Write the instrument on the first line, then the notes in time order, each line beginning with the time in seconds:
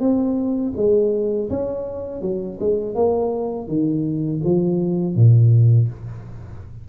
tuba
0.00 C4
0.76 G#3
1.50 C#4
2.22 F#3
2.60 G#3
2.95 A#3
3.68 D#3
4.44 F3
5.16 A#2